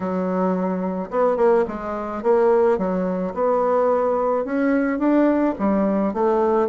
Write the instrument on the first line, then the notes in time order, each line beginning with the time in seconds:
bassoon
0.00 F#3
1.10 B3
1.37 A#3
1.67 G#3
2.22 A#3
2.78 F#3
3.34 B3
4.44 C#4
4.98 D4
5.58 G3
6.13 A3